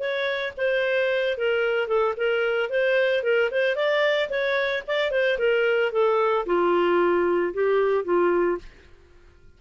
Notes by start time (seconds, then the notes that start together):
0.00 C#5
0.57 C5
1.38 A#4
1.88 A4
2.17 A#4
2.70 C5
3.24 A#4
3.52 C5
3.76 D5
4.30 C#5
4.88 D5
5.12 C5
5.39 A#4
5.92 A4
6.46 F4
7.54 G4
8.05 F4